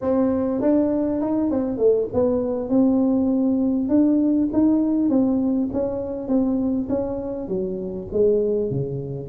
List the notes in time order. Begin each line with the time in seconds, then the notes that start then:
0.01 C4
0.61 D4
1.21 D#4
1.50 C4
1.77 A3
2.13 B3
2.69 C4
3.88 D4
4.52 D#4
5.09 C4
5.72 C#4
6.28 C4
6.89 C#4
7.48 F#3
8.12 G#3
8.70 C#3